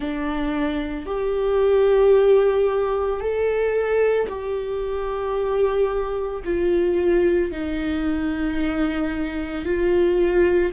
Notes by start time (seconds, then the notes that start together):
0.00 D4
1.06 G4
3.20 A4
4.28 G4
6.44 F4
7.51 D#4
9.65 F4